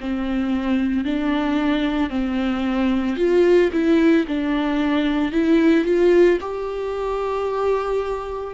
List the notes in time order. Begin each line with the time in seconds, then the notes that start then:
0.00 C4
1.05 D4
2.10 C4
3.16 F4
3.72 E4
4.27 D4
5.32 E4
5.84 F4
6.40 G4